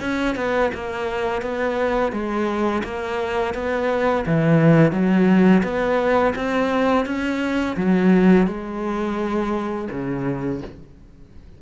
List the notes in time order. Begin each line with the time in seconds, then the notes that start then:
0.00 C#4
0.35 B3
0.74 A#3
1.42 B3
2.12 G#3
2.84 A#3
3.54 B3
4.26 E3
4.92 F#3
5.63 B3
6.35 C4
7.06 C#4
7.76 F#3
8.47 G#3
9.90 C#3